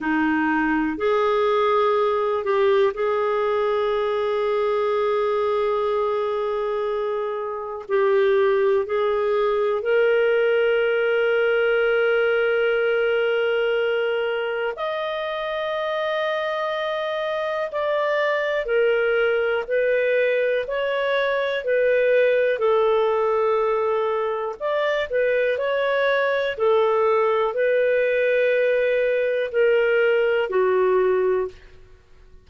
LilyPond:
\new Staff \with { instrumentName = "clarinet" } { \time 4/4 \tempo 4 = 61 dis'4 gis'4. g'8 gis'4~ | gis'1 | g'4 gis'4 ais'2~ | ais'2. dis''4~ |
dis''2 d''4 ais'4 | b'4 cis''4 b'4 a'4~ | a'4 d''8 b'8 cis''4 a'4 | b'2 ais'4 fis'4 | }